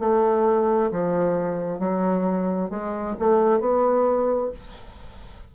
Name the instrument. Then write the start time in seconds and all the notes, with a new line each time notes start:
bassoon
0.00 A3
0.92 F3
1.79 F#3
2.70 G#3
3.20 A3
3.60 B3